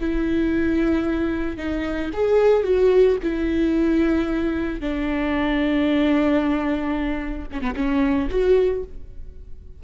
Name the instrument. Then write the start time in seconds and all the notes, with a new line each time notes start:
viola
0.00 E4
1.57 D#4
2.13 G#4
2.63 F#4
3.23 E4
4.80 D4
7.52 C#4
7.61 B3
7.75 C#4
8.29 F#4